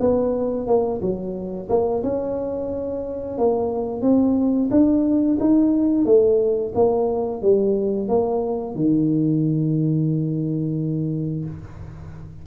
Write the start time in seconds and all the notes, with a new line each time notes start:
0.00 B3
0.67 A#3
1.01 F#3
1.69 A#3
2.03 C#4
3.38 A#3
4.01 C4
4.70 D4
5.40 D#4
6.05 A3
6.74 A#3
7.42 G3
8.08 A#3
8.75 D#3